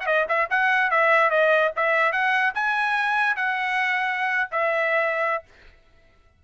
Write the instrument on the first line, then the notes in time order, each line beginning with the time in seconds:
trumpet
0.00 F#5
0.06 D#5
0.29 E5
0.50 F#5
0.90 E5
1.30 D#5
1.76 E5
2.12 F#5
2.54 G#5
3.36 F#5
4.51 E5